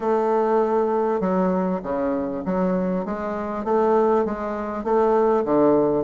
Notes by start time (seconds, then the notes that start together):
0.00 A3
1.20 F#3
1.83 C#3
2.45 F#3
3.05 G#3
3.64 A3
4.25 G#3
4.83 A3
5.44 D3